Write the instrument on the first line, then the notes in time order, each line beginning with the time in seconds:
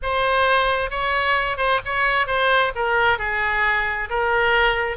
oboe
0.02 C5
0.90 C#5
1.57 C5
1.85 C#5
2.26 C5
2.75 A#4
3.18 G#4
4.09 A#4